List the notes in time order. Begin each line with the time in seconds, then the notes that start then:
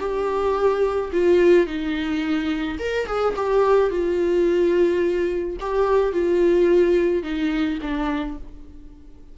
0.00 G4
1.13 F4
1.67 D#4
2.79 A#4
3.07 G#4
3.36 G4
3.90 F4
5.60 G4
6.13 F4
7.23 D#4
7.82 D4